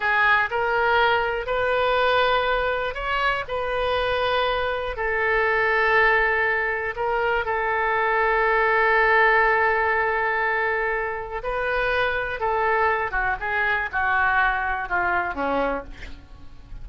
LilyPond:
\new Staff \with { instrumentName = "oboe" } { \time 4/4 \tempo 4 = 121 gis'4 ais'2 b'4~ | b'2 cis''4 b'4~ | b'2 a'2~ | a'2 ais'4 a'4~ |
a'1~ | a'2. b'4~ | b'4 a'4. fis'8 gis'4 | fis'2 f'4 cis'4 | }